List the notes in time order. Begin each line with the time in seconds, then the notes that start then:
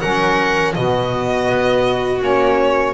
0.00 F#3 C#4 A#4 F#5
0.74 B2 B3 F#4 D#5
1.48 B3
2.20 A#3 C#4 C#5